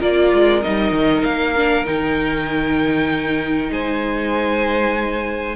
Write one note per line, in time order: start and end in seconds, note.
0.00 0.33 A#3
0.00 0.62 F4
0.00 3.71 A#4
0.00 0.63 D5
0.34 0.65 G#3
0.63 0.92 G3
0.63 1.56 D#4
0.63 1.24 D#5
0.92 1.23 D#3
1.24 1.87 A#3
1.24 1.86 F5
1.56 1.85 D4
1.85 3.71 D#3
1.85 5.56 D#4
1.85 3.72 G5
3.71 5.56 G#3
3.71 5.56 C5
3.71 5.56 G#5